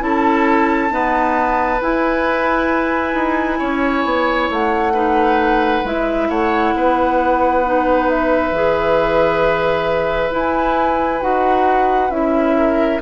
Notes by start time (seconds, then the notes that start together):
0.00 C#4 E4 A4 A5
0.90 B3 D#4 B4
1.81 E4 G#5
3.14 D#4
3.59 C#4 C#5
4.05 B3
4.50 A3 F#5
4.93 D#4 B4
5.84 G#3 E4 E5
6.29 A3 C#5 F#5
6.74 B3 B4
7.65 D#4
8.09 E5
8.51 E3 G#4
10.31 E4 G#5
11.21 D#4 F#4 F#5
12.10 C#4 E4 E5
12.57 A#4